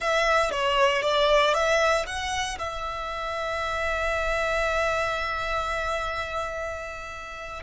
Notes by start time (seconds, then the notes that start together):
0.00 E5
0.50 C#5
1.02 D5
1.54 E5
2.06 F#5
2.58 E5